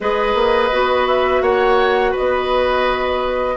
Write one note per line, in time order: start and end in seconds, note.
0.00 0.34 G#3
0.00 0.72 G#4
0.00 1.42 B4
0.00 1.07 D#5
0.34 0.70 A#3
0.72 1.41 B3
0.72 3.56 F#4
1.07 1.42 E5
1.41 2.13 A#3
1.41 2.11 C#5
1.41 2.14 F#5
2.11 3.54 B4
2.11 3.56 D#5
2.18 3.56 B3